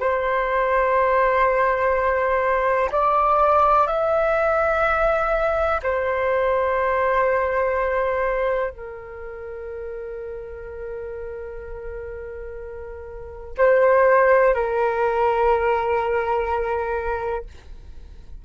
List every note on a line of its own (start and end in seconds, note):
0.00 2.90 C5
2.92 3.88 D5
3.88 5.81 E5
5.83 8.71 C5
8.71 13.54 A#4
13.58 14.55 C5
14.55 17.45 A#4